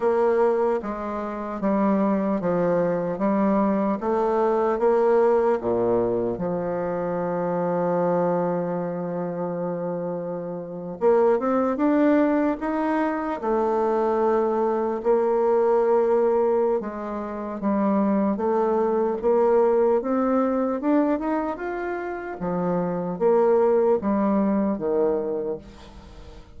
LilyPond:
\new Staff \with { instrumentName = "bassoon" } { \time 4/4 \tempo 4 = 75 ais4 gis4 g4 f4 | g4 a4 ais4 ais,4 | f1~ | f4.~ f16 ais8 c'8 d'4 dis'16~ |
dis'8. a2 ais4~ ais16~ | ais4 gis4 g4 a4 | ais4 c'4 d'8 dis'8 f'4 | f4 ais4 g4 dis4 | }